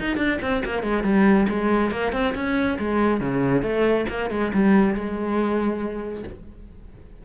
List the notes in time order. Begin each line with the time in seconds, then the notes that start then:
0.00 D#4
0.17 D4
0.42 C4
0.66 A#3
0.83 G#3
1.04 G3
1.49 G#3
1.92 A#3
2.13 C4
2.35 C#4
2.79 G#3
3.21 C#3
3.63 A3
4.10 A#3
4.31 G#3
4.54 G3
4.95 G#3